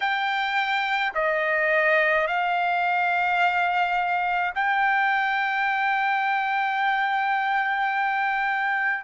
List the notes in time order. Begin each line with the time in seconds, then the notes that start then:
0.00 G5
1.14 D#5
2.26 F5
4.54 G5